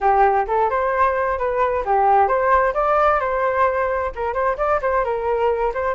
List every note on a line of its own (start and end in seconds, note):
0.00 0.46 G4
0.47 0.70 A4
0.70 1.38 C5
1.38 1.84 B4
1.85 2.28 G4
2.28 2.73 C5
2.74 3.19 D5
3.20 4.11 C5
4.15 4.33 A#4
4.33 4.56 C5
4.57 4.80 D5
4.81 5.04 C5
5.04 5.73 A#4
5.74 5.94 C5